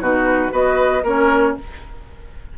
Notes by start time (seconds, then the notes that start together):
0.00 B2 D#4 F#4 B4
0.50 B3 F#4 B4 D#5
1.03 A#3 C#4 A#4 C#5